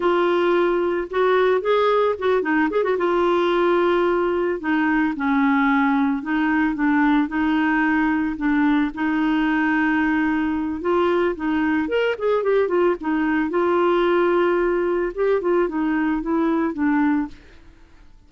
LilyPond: \new Staff \with { instrumentName = "clarinet" } { \time 4/4 \tempo 4 = 111 f'2 fis'4 gis'4 | fis'8 dis'8 gis'16 fis'16 f'2~ f'8~ | f'8 dis'4 cis'2 dis'8~ | dis'8 d'4 dis'2 d'8~ |
d'8 dis'2.~ dis'8 | f'4 dis'4 ais'8 gis'8 g'8 f'8 | dis'4 f'2. | g'8 f'8 dis'4 e'4 d'4 | }